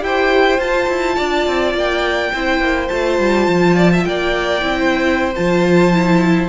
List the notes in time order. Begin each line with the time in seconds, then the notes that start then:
0.00 E4 G4 G5
0.06 C5
0.59 F4 A5
0.89 E4
1.16 D4 D5
1.47 C4
1.75 A#3 G5
2.34 C4 E4 C5
2.60 A#3
2.89 A3 F4 A5
3.20 G3
3.48 F3
3.76 D5
3.93 E5
4.05 A#3 D5 G5
4.62 C4 E4
4.79 C5
5.36 F3 F4 A5
5.93 E4